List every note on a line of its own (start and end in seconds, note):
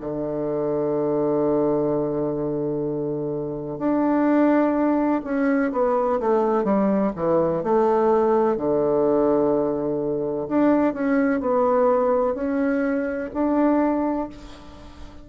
0.00 3.78 D3
3.78 5.21 D4
5.24 5.71 C#4
5.71 6.19 B3
6.20 6.64 A3
6.64 7.11 G3
7.15 7.63 E3
7.63 8.57 A3
8.57 10.47 D3
10.48 10.94 D4
10.94 11.40 C#4
11.40 12.34 B3
12.34 13.29 C#4
13.33 14.29 D4